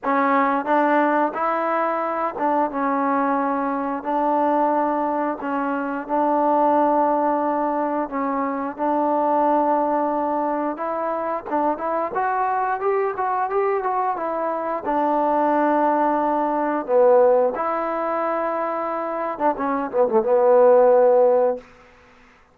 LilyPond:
\new Staff \with { instrumentName = "trombone" } { \time 4/4 \tempo 4 = 89 cis'4 d'4 e'4. d'8 | cis'2 d'2 | cis'4 d'2. | cis'4 d'2. |
e'4 d'8 e'8 fis'4 g'8 fis'8 | g'8 fis'8 e'4 d'2~ | d'4 b4 e'2~ | e'8. d'16 cis'8 b16 a16 b2 | }